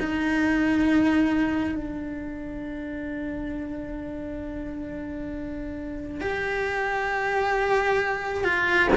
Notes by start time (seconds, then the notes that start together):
0.00 D#4
1.75 D4
6.21 G4
8.45 F4